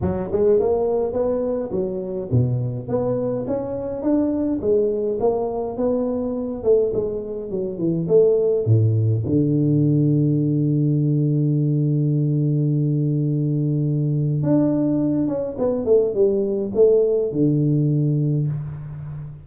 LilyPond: \new Staff \with { instrumentName = "tuba" } { \time 4/4 \tempo 4 = 104 fis8 gis8 ais4 b4 fis4 | b,4 b4 cis'4 d'4 | gis4 ais4 b4. a8 | gis4 fis8 e8 a4 a,4 |
d1~ | d1~ | d4 d'4. cis'8 b8 a8 | g4 a4 d2 | }